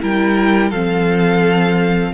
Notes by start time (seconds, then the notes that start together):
0.00 G3 E4 A#4 G5
0.69 F3 C4 A4 F5